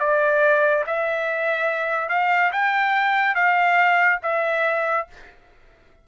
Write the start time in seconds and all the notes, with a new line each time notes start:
0.00 D5
0.87 E5
2.09 F5
2.52 G5
3.35 F5
4.23 E5